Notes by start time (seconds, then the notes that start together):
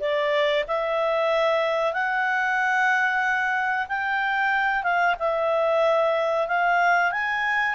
0.00 D5
0.68 E5
1.93 F#5
3.89 G5
4.83 F5
5.19 E5
6.48 F5
7.12 G#5